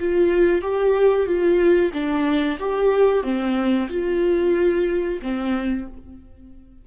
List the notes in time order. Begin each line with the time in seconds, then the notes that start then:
0.00 F4
0.62 G4
1.27 F4
1.94 D4
2.60 G4
3.23 C4
3.90 F4
5.23 C4